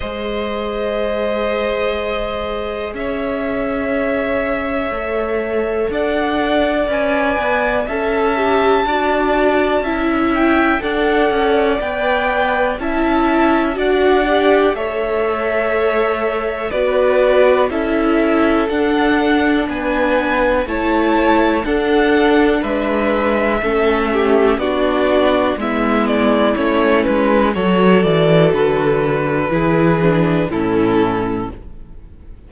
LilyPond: <<
  \new Staff \with { instrumentName = "violin" } { \time 4/4 \tempo 4 = 61 dis''2. e''4~ | e''2 fis''4 gis''4 | a''2~ a''8 g''8 fis''4 | g''4 a''4 fis''4 e''4~ |
e''4 d''4 e''4 fis''4 | gis''4 a''4 fis''4 e''4~ | e''4 d''4 e''8 d''8 cis''8 b'8 | cis''8 d''8 b'2 a'4 | }
  \new Staff \with { instrumentName = "violin" } { \time 4/4 c''2. cis''4~ | cis''2 d''2 | e''4 d''4 e''4 d''4~ | d''4 e''4 d''4 cis''4~ |
cis''4 b'4 a'2 | b'4 cis''4 a'4 b'4 | a'8 g'8 fis'4 e'2 | a'2 gis'4 e'4 | }
  \new Staff \with { instrumentName = "viola" } { \time 4/4 gis'1~ | gis'4 a'2 b'4 | a'8 g'8 fis'4 e'4 a'4 | b'4 e'4 fis'8 g'8 a'4~ |
a'4 fis'4 e'4 d'4~ | d'4 e'4 d'2 | cis'4 d'4 b4 cis'4 | fis'2 e'8 d'8 cis'4 | }
  \new Staff \with { instrumentName = "cello" } { \time 4/4 gis2. cis'4~ | cis'4 a4 d'4 cis'8 b8 | cis'4 d'4 cis'4 d'8 cis'8 | b4 cis'4 d'4 a4~ |
a4 b4 cis'4 d'4 | b4 a4 d'4 gis4 | a4 b4 gis4 a8 gis8 | fis8 e8 d4 e4 a,4 | }
>>